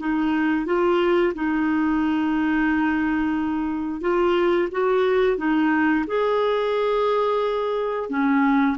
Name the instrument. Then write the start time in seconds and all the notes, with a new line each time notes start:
clarinet
0.00 D#4
0.66 F4
1.35 D#4
4.01 F4
4.72 F#4
5.38 D#4
6.07 G#4
8.10 C#4